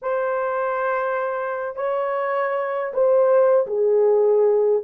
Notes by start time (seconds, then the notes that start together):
0.02 C5
1.76 C#5
2.93 C5
3.66 G#4